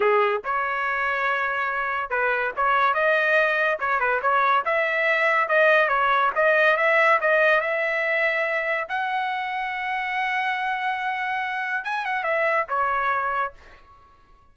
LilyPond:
\new Staff \with { instrumentName = "trumpet" } { \time 4/4 \tempo 4 = 142 gis'4 cis''2.~ | cis''4 b'4 cis''4 dis''4~ | dis''4 cis''8 b'8 cis''4 e''4~ | e''4 dis''4 cis''4 dis''4 |
e''4 dis''4 e''2~ | e''4 fis''2.~ | fis''1 | gis''8 fis''8 e''4 cis''2 | }